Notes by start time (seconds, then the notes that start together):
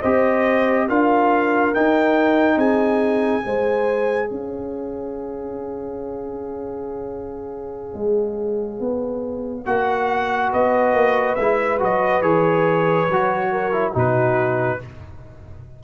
0.00 C4 G4 C5 D#5
0.88 D4 F4 A#4 F5
1.74 D#4 G5
2.56 C4 G#4 G#5
3.41 G#3 G#4 C5
4.29 C#4 C#5 F5
7.94 G#3
8.80 B3
9.65 A#3 F#4 F#5
10.51 B3 B4 D#5
10.93 A#3
11.35 G#3 E4 E5
11.79 F#3 F#4 D#5
12.21 E3 G#4 C#5
13.08 F#3 F#4
13.51 A#4
13.72 E4
13.92 B2 D#4 F#4 B4